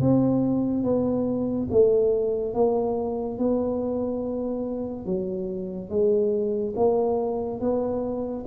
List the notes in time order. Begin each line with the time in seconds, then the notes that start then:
0.00 C4
0.83 B3
1.71 A3
2.54 A#3
3.38 B3
5.05 F#3
5.89 G#3
6.76 A#3
7.60 B3